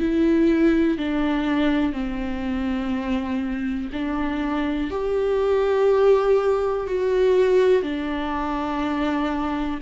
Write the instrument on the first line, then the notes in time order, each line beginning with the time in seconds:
viola
0.00 E4
0.98 D4
1.93 C4
3.93 D4
4.90 G4
6.87 F#4
7.83 D4